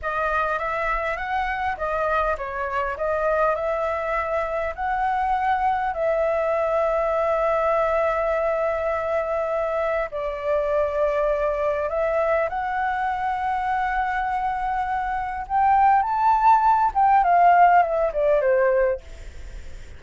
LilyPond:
\new Staff \with { instrumentName = "flute" } { \time 4/4 \tempo 4 = 101 dis''4 e''4 fis''4 dis''4 | cis''4 dis''4 e''2 | fis''2 e''2~ | e''1~ |
e''4 d''2. | e''4 fis''2.~ | fis''2 g''4 a''4~ | a''8 g''8 f''4 e''8 d''8 c''4 | }